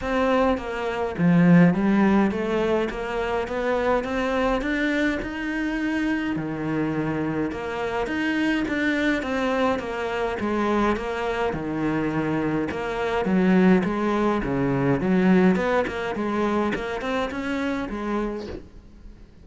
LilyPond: \new Staff \with { instrumentName = "cello" } { \time 4/4 \tempo 4 = 104 c'4 ais4 f4 g4 | a4 ais4 b4 c'4 | d'4 dis'2 dis4~ | dis4 ais4 dis'4 d'4 |
c'4 ais4 gis4 ais4 | dis2 ais4 fis4 | gis4 cis4 fis4 b8 ais8 | gis4 ais8 c'8 cis'4 gis4 | }